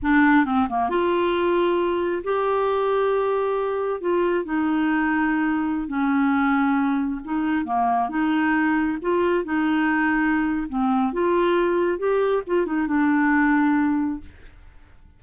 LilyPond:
\new Staff \with { instrumentName = "clarinet" } { \time 4/4 \tempo 4 = 135 d'4 c'8 ais8 f'2~ | f'4 g'2.~ | g'4 f'4 dis'2~ | dis'4~ dis'16 cis'2~ cis'8.~ |
cis'16 dis'4 ais4 dis'4.~ dis'16~ | dis'16 f'4 dis'2~ dis'8. | c'4 f'2 g'4 | f'8 dis'8 d'2. | }